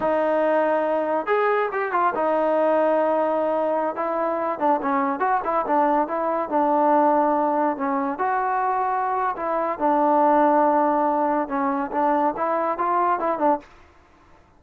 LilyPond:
\new Staff \with { instrumentName = "trombone" } { \time 4/4 \tempo 4 = 141 dis'2. gis'4 | g'8 f'8 dis'2.~ | dis'4~ dis'16 e'4. d'8 cis'8.~ | cis'16 fis'8 e'8 d'4 e'4 d'8.~ |
d'2~ d'16 cis'4 fis'8.~ | fis'2 e'4 d'4~ | d'2. cis'4 | d'4 e'4 f'4 e'8 d'8 | }